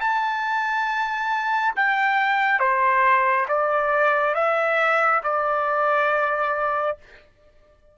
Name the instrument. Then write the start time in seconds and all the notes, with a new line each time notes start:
trumpet
0.00 A5
1.75 G5
2.59 C5
3.48 D5
4.34 E5
5.23 D5